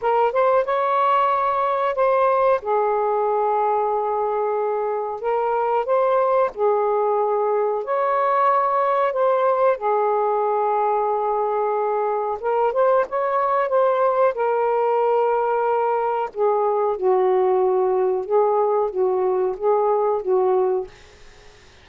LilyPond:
\new Staff \with { instrumentName = "saxophone" } { \time 4/4 \tempo 4 = 92 ais'8 c''8 cis''2 c''4 | gis'1 | ais'4 c''4 gis'2 | cis''2 c''4 gis'4~ |
gis'2. ais'8 c''8 | cis''4 c''4 ais'2~ | ais'4 gis'4 fis'2 | gis'4 fis'4 gis'4 fis'4 | }